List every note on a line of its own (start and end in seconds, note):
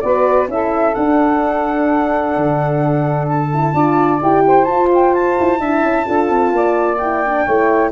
0.00 0.47 B3
0.00 0.47 F#4
0.00 0.49 B4
0.00 0.47 D5
0.47 0.94 C#4
0.47 0.94 E4
0.47 3.74 A4
0.47 0.94 E5
0.94 3.51 D4
0.94 2.36 D4
0.94 3.27 F#5
2.36 3.73 D3
3.28 4.21 A5
3.53 3.73 E4
3.73 4.20 D4
3.73 4.19 F4
3.73 4.43 D5
4.21 4.68 E4
4.21 4.66 G4
4.21 4.64 G5
4.46 5.59 C5
4.64 5.59 F4
4.64 5.38 F4
4.64 4.87 A5
4.94 5.14 G5
5.14 6.98 A5
5.39 5.59 E4
5.59 5.82 D4
5.59 6.05 E4
5.59 6.05 E5
5.83 6.06 C#4
6.05 6.29 D4
6.05 6.98 F4
6.05 6.52 A4
6.29 6.52 C4
6.52 7.45 A#3
6.52 7.44 D5
6.98 7.24 E4
6.98 7.91 G5
7.25 7.48 D4
7.44 7.91 A3
7.44 7.91 E4
7.44 7.90 C#5